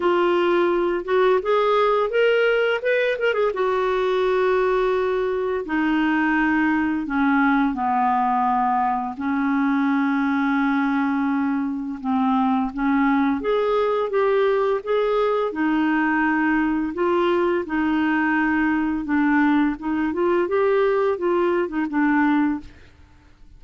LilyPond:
\new Staff \with { instrumentName = "clarinet" } { \time 4/4 \tempo 4 = 85 f'4. fis'8 gis'4 ais'4 | b'8 ais'16 gis'16 fis'2. | dis'2 cis'4 b4~ | b4 cis'2.~ |
cis'4 c'4 cis'4 gis'4 | g'4 gis'4 dis'2 | f'4 dis'2 d'4 | dis'8 f'8 g'4 f'8. dis'16 d'4 | }